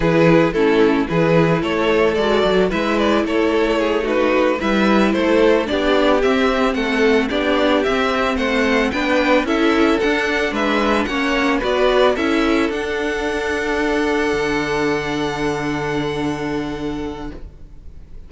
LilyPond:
<<
  \new Staff \with { instrumentName = "violin" } { \time 4/4 \tempo 4 = 111 b'4 a'4 b'4 cis''4 | d''4 e''8 d''8 cis''4. b'8~ | b'8 e''4 c''4 d''4 e''8~ | e''8 fis''4 d''4 e''4 fis''8~ |
fis''8 g''4 e''4 fis''4 e''8~ | e''8 fis''4 d''4 e''4 fis''8~ | fis''1~ | fis''1 | }
  \new Staff \with { instrumentName = "violin" } { \time 4/4 gis'4 e'4 gis'4 a'4~ | a'4 b'4 a'4 gis'8 fis'8~ | fis'8 b'4 a'4 g'4.~ | g'8 a'4 g'2 c''8~ |
c''8 b'4 a'2 b'8~ | b'8 cis''4 b'4 a'4.~ | a'1~ | a'1 | }
  \new Staff \with { instrumentName = "viola" } { \time 4/4 e'4 cis'4 e'2 | fis'4 e'2~ e'8 dis'8~ | dis'8 e'2 d'4 c'8~ | c'4. d'4 c'4.~ |
c'8 d'4 e'4 d'4.~ | d'8 cis'4 fis'4 e'4 d'8~ | d'1~ | d'1 | }
  \new Staff \with { instrumentName = "cello" } { \time 4/4 e4 a4 e4 a4 | gis8 fis8 gis4 a2~ | a8 g4 a4 b4 c'8~ | c'8 a4 b4 c'4 a8~ |
a8 b4 cis'4 d'4 gis8~ | gis8 ais4 b4 cis'4 d'8~ | d'2~ d'8 d4.~ | d1 | }
>>